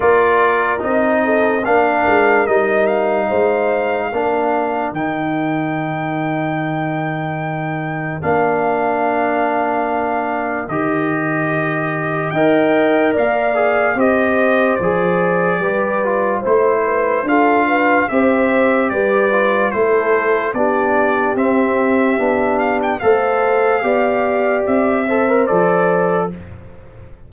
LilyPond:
<<
  \new Staff \with { instrumentName = "trumpet" } { \time 4/4 \tempo 4 = 73 d''4 dis''4 f''4 dis''8 f''8~ | f''2 g''2~ | g''2 f''2~ | f''4 dis''2 g''4 |
f''4 dis''4 d''2 | c''4 f''4 e''4 d''4 | c''4 d''4 e''4. f''16 g''16 | f''2 e''4 d''4 | }
  \new Staff \with { instrumentName = "horn" } { \time 4/4 ais'4. a'8 ais'2 | c''4 ais'2.~ | ais'1~ | ais'2. dis''4 |
d''4 c''2 b'4 | c''8 b'8 a'8 b'8 c''4 b'4 | a'4 g'2. | c''4 d''4. c''4. | }
  \new Staff \with { instrumentName = "trombone" } { \time 4/4 f'4 dis'4 d'4 dis'4~ | dis'4 d'4 dis'2~ | dis'2 d'2~ | d'4 g'2 ais'4~ |
ais'8 gis'8 g'4 gis'4 g'8 f'8 | e'4 f'4 g'4. f'8 | e'4 d'4 c'4 d'4 | a'4 g'4. a'16 ais'16 a'4 | }
  \new Staff \with { instrumentName = "tuba" } { \time 4/4 ais4 c'4 ais8 gis8 g4 | gis4 ais4 dis2~ | dis2 ais2~ | ais4 dis2 dis'4 |
ais4 c'4 f4 g4 | a4 d'4 c'4 g4 | a4 b4 c'4 b4 | a4 b4 c'4 f4 | }
>>